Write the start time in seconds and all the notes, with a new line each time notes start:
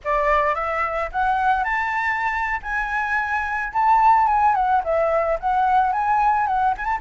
0.04 D5
0.54 E5
1.12 F#5
1.64 A5
2.62 G#5
3.73 A5
4.27 G#5
4.54 F#5
4.83 E5
5.40 F#5
5.92 G#5
6.47 F#5
6.77 G#5
6.85 A5